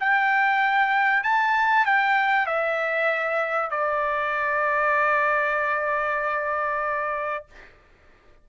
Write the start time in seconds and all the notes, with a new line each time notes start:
0.00 G5
1.23 A5
1.86 G5
2.47 E5
3.71 D5